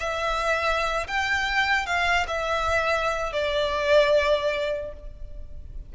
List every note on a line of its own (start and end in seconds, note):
0.00 1.07 E5
1.08 1.86 G5
1.86 2.26 F5
2.27 3.33 E5
3.33 4.93 D5